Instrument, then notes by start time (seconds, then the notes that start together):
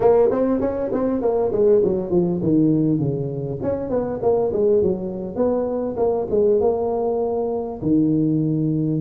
tuba
0.00 A#3
0.31 C4
0.60 C#4
0.92 C4
1.21 A#3
1.52 G#3
1.83 F#3
2.10 F3
2.42 D#3
2.99 C#3
3.62 C#4
3.89 B3
4.22 A#3
4.52 G#3
4.82 F#3
5.35 B3
5.96 A#3
6.30 G#3
6.60 A#3
7.82 D#3